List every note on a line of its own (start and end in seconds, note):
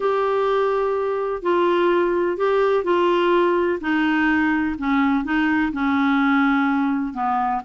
0.00 1.42 G4
1.42 2.37 F4
2.37 2.84 G4
2.84 3.79 F4
3.81 4.76 D#4
4.78 5.24 C#4
5.24 5.71 D#4
5.72 7.13 C#4
7.13 7.61 B3